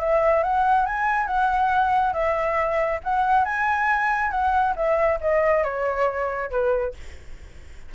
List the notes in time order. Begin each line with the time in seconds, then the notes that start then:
0.00 E5
0.43 F#5
0.86 G#5
1.27 F#5
2.13 E5
3.04 F#5
3.45 G#5
4.31 F#5
4.76 E5
5.21 D#5
5.64 C#5
6.51 B4